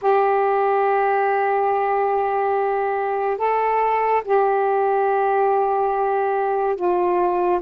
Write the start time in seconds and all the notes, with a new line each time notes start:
0.01 G4
3.37 A4
4.24 G4
6.76 F4